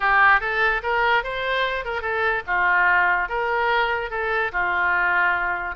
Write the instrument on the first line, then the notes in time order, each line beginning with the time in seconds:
oboe
0.00 G4
0.40 A4
0.82 A#4
1.23 C5
1.85 A#4
2.01 A4
2.46 F4
3.29 A#4
4.10 A4
4.52 F4